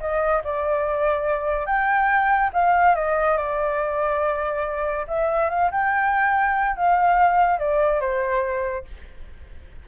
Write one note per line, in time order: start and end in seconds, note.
0.00 0.42 D#5
0.44 1.66 D5
1.66 2.50 G5
2.53 2.95 F5
2.95 3.37 D#5
3.37 5.06 D5
5.07 5.49 E5
5.49 5.71 F5
5.71 6.76 G5
6.76 7.59 F5
7.59 8.00 D5
8.00 8.85 C5